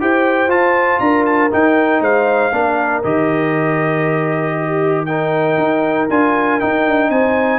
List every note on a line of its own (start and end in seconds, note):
0.00 0.47 E4
0.00 0.49 G4
0.00 1.03 C5
0.00 0.50 G5
0.47 0.98 F4
0.47 1.51 F4
0.47 0.99 A5
0.99 1.51 D4
0.99 2.01 A#4
0.99 1.25 A#5
1.25 1.51 A5
1.51 2.52 D#4
1.51 2.00 D#4
1.51 2.03 G5
2.00 2.51 G#3
2.00 2.52 C5
2.00 3.03 F5
2.52 3.03 A#3
2.52 3.03 D4
2.52 4.55 A#4
3.03 5.57 D#3
3.03 5.07 G4
3.03 5.05 D#5
4.58 5.08 G4
5.05 6.09 D#4
5.05 7.11 A#4
5.05 6.07 G5
5.57 6.08 D#4
6.10 6.61 D4
6.10 6.60 F4
6.10 6.60 G#5
6.60 7.59 D#4
6.60 6.87 D#4
6.60 7.10 G5
6.87 7.10 D4
7.10 7.59 C4
7.10 7.59 C5
7.10 7.59 G#5